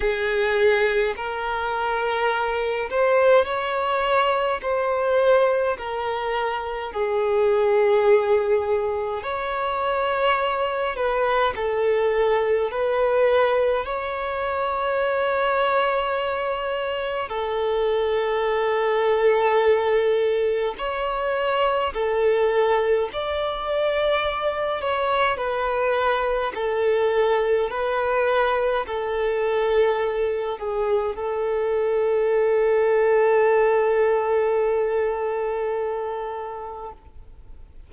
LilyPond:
\new Staff \with { instrumentName = "violin" } { \time 4/4 \tempo 4 = 52 gis'4 ais'4. c''8 cis''4 | c''4 ais'4 gis'2 | cis''4. b'8 a'4 b'4 | cis''2. a'4~ |
a'2 cis''4 a'4 | d''4. cis''8 b'4 a'4 | b'4 a'4. gis'8 a'4~ | a'1 | }